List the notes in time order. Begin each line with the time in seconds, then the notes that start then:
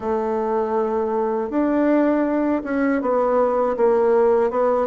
0.00 A3
1.50 D4
2.64 C#4
3.01 B3
3.76 A#3
4.50 B3